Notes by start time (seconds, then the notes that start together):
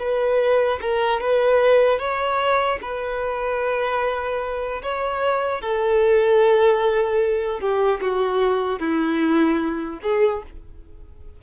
0.00 B4
0.82 A#4
1.21 B4
2.00 C#5
2.82 B4
4.83 C#5
5.62 A4
7.61 G4
8.01 F#4
8.80 E4
10.03 G#4